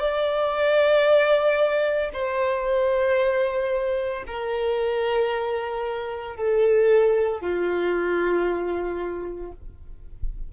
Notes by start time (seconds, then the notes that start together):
0.00 D5
2.13 C5
4.27 A#4
6.36 A4
7.41 F4